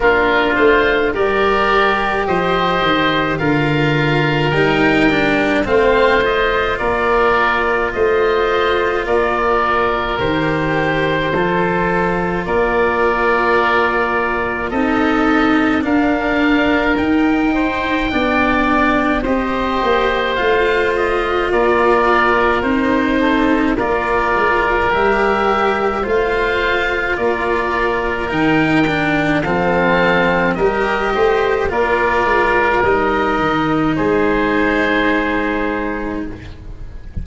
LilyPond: <<
  \new Staff \with { instrumentName = "oboe" } { \time 4/4 \tempo 4 = 53 ais'8 c''8 d''4 dis''4 f''4 | g''4 f''8 dis''8 d''4 dis''4 | d''4 c''2 d''4~ | d''4 dis''4 f''4 g''4~ |
g''4 dis''4 f''8 dis''8 d''4 | c''4 d''4 e''4 f''4 | d''4 g''4 f''4 dis''4 | d''4 dis''4 c''2 | }
  \new Staff \with { instrumentName = "oboe" } { \time 4/4 f'4 ais'4 c''4 ais'4~ | ais'4 c''4 ais'4 c''4 | ais'2 a'4 ais'4~ | ais'4 a'4 ais'4. c''8 |
d''4 c''2 ais'4~ | ais'8 a'8 ais'2 c''4 | ais'2 a'4 ais'8 c''8 | ais'2 gis'2 | }
  \new Staff \with { instrumentName = "cello" } { \time 4/4 d'4 g'2 f'4 | dis'8 d'8 c'8 f'2~ f'8~ | f'4 g'4 f'2~ | f'4 dis'4 d'4 dis'4 |
d'4 g'4 f'2 | dis'4 f'4 g'4 f'4~ | f'4 dis'8 d'8 c'4 g'4 | f'4 dis'2. | }
  \new Staff \with { instrumentName = "tuba" } { \time 4/4 ais8 a8 g4 f8 dis8 d4 | g4 a4 ais4 a4 | ais4 dis4 f4 ais4~ | ais4 c'4 d'4 dis'4 |
b4 c'8 ais8 a4 ais4 | c'4 ais8 gis8 g4 a4 | ais4 dis4 f4 g8 a8 | ais8 gis8 g8 dis8 gis2 | }
>>